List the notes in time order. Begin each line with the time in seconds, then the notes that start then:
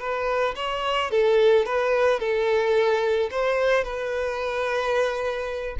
0.00 B4
0.56 C#5
1.11 A4
1.66 B4
2.20 A4
3.31 C5
3.84 B4